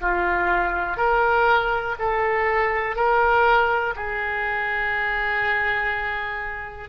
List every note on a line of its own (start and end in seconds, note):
0.00 0.97 F4
0.97 1.95 A#4
1.99 2.96 A4
2.96 3.94 A#4
3.96 6.89 G#4